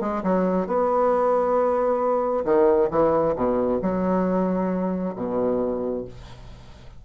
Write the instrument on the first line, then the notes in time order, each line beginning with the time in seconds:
bassoon
0.00 G#3
0.23 F#3
0.66 B3
2.44 D#3
2.90 E3
3.35 B2
3.82 F#3
5.15 B2